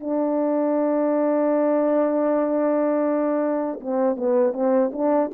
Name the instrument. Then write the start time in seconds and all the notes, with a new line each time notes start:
horn
0.00 D4
3.80 C4
4.17 B3
4.53 C4
4.93 D4